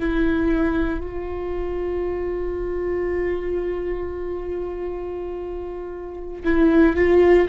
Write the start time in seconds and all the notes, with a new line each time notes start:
0.00 E4
1.01 F4
6.45 E4
6.97 F4